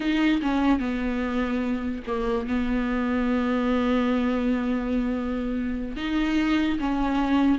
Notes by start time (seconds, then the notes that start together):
0.00 D#4
0.41 C#4
0.79 B3
2.06 A#3
2.47 B3
5.96 D#4
6.79 C#4